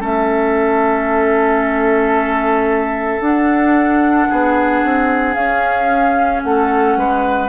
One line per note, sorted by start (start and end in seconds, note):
0.00 3.20 A3
0.00 3.21 C#4
0.00 4.29 A4
0.00 3.22 E5
3.20 4.27 D4
3.20 5.36 D4
3.20 5.34 F#5
4.30 4.84 B3
4.30 6.44 G#4
4.84 5.36 C4
5.34 6.43 C#4
5.34 7.50 C#4
5.34 6.42 F5
6.44 6.97 A3
6.44 6.99 A4
6.44 7.50 F#5
6.97 7.50 G#3
6.97 7.50 B4